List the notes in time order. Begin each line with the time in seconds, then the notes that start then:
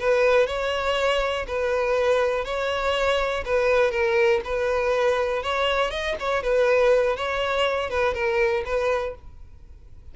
0.00 B4
0.47 C#5
1.48 B4
2.45 C#5
3.46 B4
3.92 A#4
4.45 B4
5.43 C#5
5.91 D#5
6.20 C#5
6.43 B4
7.17 C#5
7.90 B4
8.14 A#4
8.66 B4